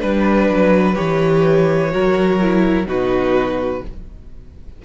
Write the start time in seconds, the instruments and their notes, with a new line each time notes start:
0.00 cello G3, viola D4, violin B4
0.50 cello F#3
0.95 cello E3, viola G4, violin C#5
1.91 cello F#3, viola F#4, violin A#4
2.42 viola E4
2.87 cello B2, viola D#4, violin F#4 B4